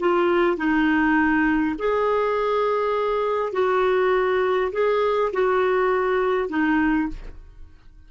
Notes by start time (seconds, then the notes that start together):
0.00 F4
0.57 D#4
1.79 G#4
3.53 F#4
4.73 G#4
5.33 F#4
6.49 D#4